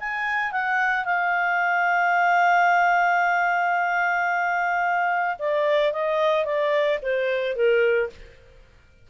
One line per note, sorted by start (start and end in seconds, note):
0.00 0.52 G#5
0.52 1.05 F#5
1.05 5.38 F5
5.39 5.93 D5
5.93 6.45 D#5
6.45 6.99 D5
7.02 7.56 C5
7.56 8.10 A#4